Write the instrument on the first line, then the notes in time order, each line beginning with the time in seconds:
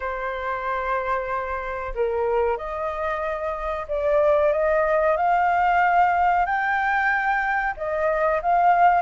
flute
0.00 C5
1.94 A#4
2.57 D#5
3.88 D5
4.52 D#5
5.16 F5
6.45 G5
7.76 D#5
8.42 F5